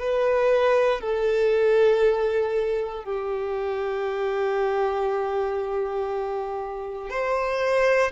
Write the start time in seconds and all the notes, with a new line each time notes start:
0.00 B4
1.01 A4
3.05 G4
7.10 C5